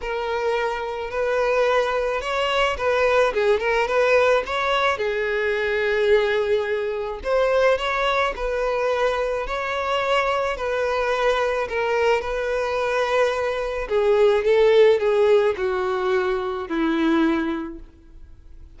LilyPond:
\new Staff \with { instrumentName = "violin" } { \time 4/4 \tempo 4 = 108 ais'2 b'2 | cis''4 b'4 gis'8 ais'8 b'4 | cis''4 gis'2.~ | gis'4 c''4 cis''4 b'4~ |
b'4 cis''2 b'4~ | b'4 ais'4 b'2~ | b'4 gis'4 a'4 gis'4 | fis'2 e'2 | }